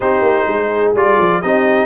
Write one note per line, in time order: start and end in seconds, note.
0.00 0.21 C4
0.00 0.95 D#4
0.00 0.47 G4
0.00 0.92 C5
0.21 0.45 A#3
0.47 0.93 G#3
0.47 1.41 G#4
0.93 1.17 G3
0.93 1.42 F4
0.93 1.41 D5
1.18 1.42 F3
1.41 1.86 C4
1.41 1.86 D#4
1.41 1.86 G4
1.41 1.86 D#5